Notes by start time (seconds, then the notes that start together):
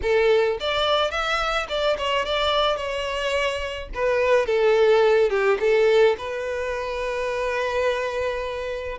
0.02 A4
0.60 D5
1.10 E5
1.68 D5
1.98 C#5
2.25 D5
2.76 C#5
3.94 B4
4.46 A4
5.29 G4
5.60 A4
6.18 B4